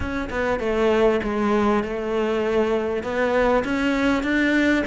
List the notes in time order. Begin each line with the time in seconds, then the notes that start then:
0.00 C#4
0.30 B3
0.59 A3
1.23 G#3
1.83 A3
3.03 B3
3.64 C#4
4.23 D4